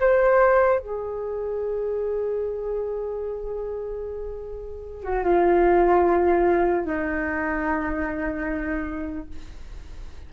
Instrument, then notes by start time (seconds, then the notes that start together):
flute
0.00 C5
0.79 G#4
5.03 F#4
5.24 F4
6.86 D#4